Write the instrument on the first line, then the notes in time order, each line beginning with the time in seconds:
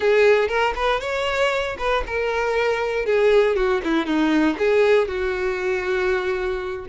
violin
0.00 G#4
0.48 A#4
0.75 B4
1.00 C#5
1.78 B4
2.06 A#4
3.05 G#4
3.55 F#4
3.84 E4
4.05 D#4
4.58 G#4
5.08 F#4